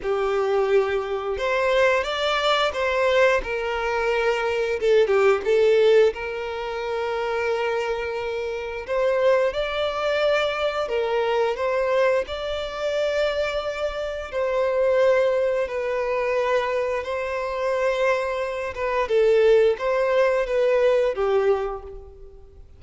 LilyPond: \new Staff \with { instrumentName = "violin" } { \time 4/4 \tempo 4 = 88 g'2 c''4 d''4 | c''4 ais'2 a'8 g'8 | a'4 ais'2.~ | ais'4 c''4 d''2 |
ais'4 c''4 d''2~ | d''4 c''2 b'4~ | b'4 c''2~ c''8 b'8 | a'4 c''4 b'4 g'4 | }